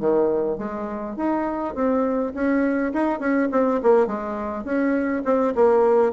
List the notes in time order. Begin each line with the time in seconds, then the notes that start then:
0.00 D#3
0.58 G#3
1.17 D#4
1.75 C4
2.35 C#4
2.93 D#4
3.20 C#4
3.52 C4
3.83 A#3
4.07 G#3
4.65 C#4
5.25 C4
5.56 A#3